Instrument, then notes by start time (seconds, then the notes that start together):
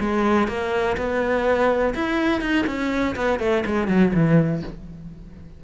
cello
0.00 G#3
0.48 A#3
0.97 B3
1.95 E4
2.41 D#4
2.67 C#4
3.16 B3
3.39 A3
3.66 G#3
3.88 F#3
4.14 E3